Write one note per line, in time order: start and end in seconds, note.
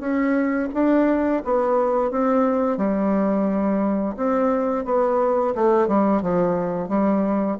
0.00 0.69 C#4
0.74 1.43 D4
1.45 2.11 B3
2.11 2.78 C4
2.78 4.16 G3
4.17 4.85 C4
4.85 5.54 B3
5.55 5.88 A3
5.88 6.22 G3
6.22 6.89 F3
6.89 7.58 G3